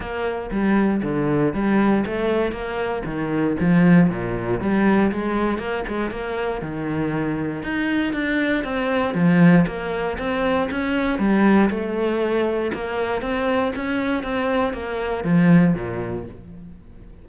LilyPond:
\new Staff \with { instrumentName = "cello" } { \time 4/4 \tempo 4 = 118 ais4 g4 d4 g4 | a4 ais4 dis4 f4 | ais,4 g4 gis4 ais8 gis8 | ais4 dis2 dis'4 |
d'4 c'4 f4 ais4 | c'4 cis'4 g4 a4~ | a4 ais4 c'4 cis'4 | c'4 ais4 f4 ais,4 | }